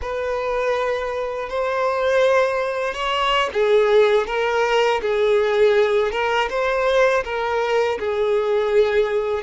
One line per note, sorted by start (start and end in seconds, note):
0.01 1.48 B4
1.48 2.94 C5
2.94 3.49 C#5
3.53 4.26 G#4
4.26 5.00 A#4
5.01 6.11 G#4
6.11 6.48 A#4
6.49 7.23 C5
7.24 7.98 A#4
7.99 9.42 G#4